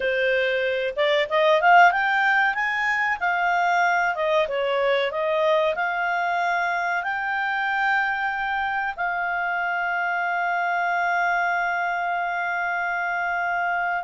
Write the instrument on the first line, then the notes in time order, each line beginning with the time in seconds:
clarinet
0.00 C5
0.96 D5
1.29 D#5
1.61 F5
1.91 G5
2.54 G#5
3.20 F5
4.15 D#5
4.48 C#5
5.11 D#5
5.75 F5
7.03 G5
8.96 F5